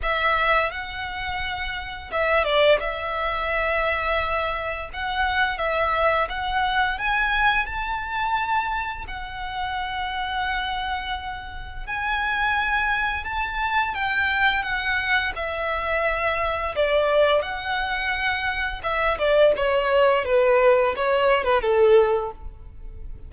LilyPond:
\new Staff \with { instrumentName = "violin" } { \time 4/4 \tempo 4 = 86 e''4 fis''2 e''8 d''8 | e''2. fis''4 | e''4 fis''4 gis''4 a''4~ | a''4 fis''2.~ |
fis''4 gis''2 a''4 | g''4 fis''4 e''2 | d''4 fis''2 e''8 d''8 | cis''4 b'4 cis''8. b'16 a'4 | }